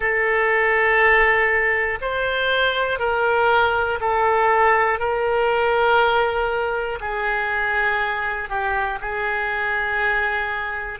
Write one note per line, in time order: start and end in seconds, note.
0.00 1.99 A4
2.01 2.99 C5
2.99 3.99 A#4
4.00 4.99 A4
4.99 6.99 A#4
7.00 8.49 G#4
8.49 8.99 G4
9.00 10.99 G#4